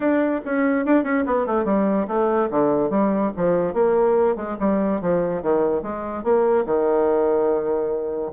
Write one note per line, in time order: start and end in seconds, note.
0.00 0.41 D4
0.45 0.85 C#4
0.85 1.03 D4
1.03 1.24 C#4
1.25 1.46 B3
1.46 1.65 A3
1.65 2.06 G3
2.07 2.49 A3
2.50 2.90 D3
2.90 3.31 G3
3.36 3.73 F3
3.73 4.36 A#3
4.36 4.56 G#3
4.59 5.01 G3
5.01 5.42 F3
5.42 5.82 D#3
5.82 6.23 G#3
6.23 6.65 A#3
6.65 8.32 D#3